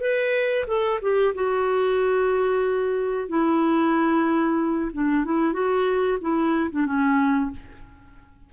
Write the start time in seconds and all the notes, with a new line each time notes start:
0.00 B4
0.67 A4
1.02 G4
1.35 F#4
3.28 E4
4.93 D4
5.24 E4
5.53 F#4
6.21 E4
6.71 D4
6.86 C#4